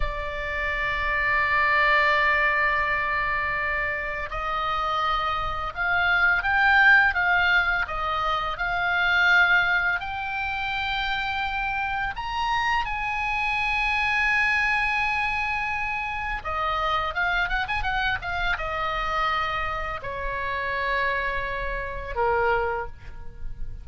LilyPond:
\new Staff \with { instrumentName = "oboe" } { \time 4/4 \tempo 4 = 84 d''1~ | d''2 dis''2 | f''4 g''4 f''4 dis''4 | f''2 g''2~ |
g''4 ais''4 gis''2~ | gis''2. dis''4 | f''8 fis''16 gis''16 fis''8 f''8 dis''2 | cis''2. ais'4 | }